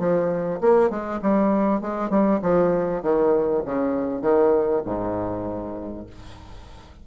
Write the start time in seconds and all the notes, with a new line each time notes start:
0.00 F3
0.61 A#3
0.90 G#3
1.23 G3
1.82 G#3
2.10 G3
2.43 F3
3.03 D#3
3.66 C#3
4.22 D#3
4.86 G#2